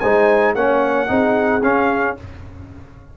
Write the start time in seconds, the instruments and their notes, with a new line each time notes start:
0.00 tuba G#3, trombone D#4, horn C5, trumpet G#5
0.55 tuba A#3, trombone C#4, horn C#5, trumpet F#5
1.08 tuba C4, trombone D#4, horn G#4
1.63 tuba C#4, trombone C#4, trumpet F5